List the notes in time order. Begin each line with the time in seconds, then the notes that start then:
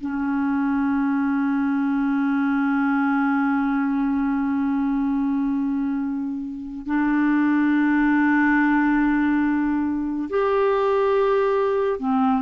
0.00 C#4
6.86 D4
10.29 G4
11.99 C4